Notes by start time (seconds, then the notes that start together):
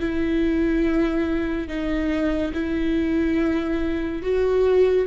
0.00 E4
1.68 D#4
2.54 E4
4.23 F#4